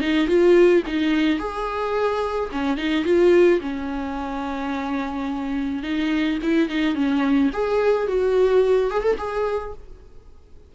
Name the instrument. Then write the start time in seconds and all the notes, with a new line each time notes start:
viola
0.00 D#4
0.27 F4
0.86 D#4
1.38 G#4
2.52 C#4
2.77 D#4
3.04 F4
3.60 C#4
5.82 D#4
6.42 E4
6.69 D#4
6.94 C#4
7.52 G#4
8.07 F#4
8.90 G#4
9.02 A4
9.17 G#4